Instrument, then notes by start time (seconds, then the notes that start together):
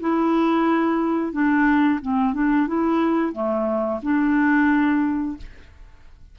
clarinet
0.00 E4
1.32 D4
2.02 C4
2.34 D4
2.67 E4
3.32 A3
4.02 D4